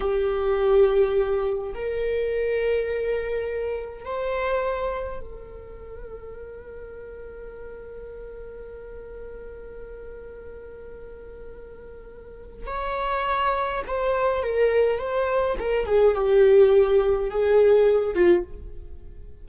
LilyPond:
\new Staff \with { instrumentName = "viola" } { \time 4/4 \tempo 4 = 104 g'2. ais'4~ | ais'2. c''4~ | c''4 ais'2.~ | ais'1~ |
ais'1~ | ais'2 cis''2 | c''4 ais'4 c''4 ais'8 gis'8 | g'2 gis'4. f'8 | }